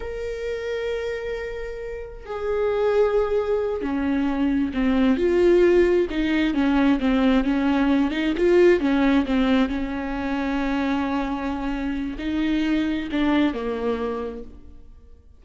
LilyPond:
\new Staff \with { instrumentName = "viola" } { \time 4/4 \tempo 4 = 133 ais'1~ | ais'4 gis'2.~ | gis'8 cis'2 c'4 f'8~ | f'4. dis'4 cis'4 c'8~ |
c'8 cis'4. dis'8 f'4 cis'8~ | cis'8 c'4 cis'2~ cis'8~ | cis'2. dis'4~ | dis'4 d'4 ais2 | }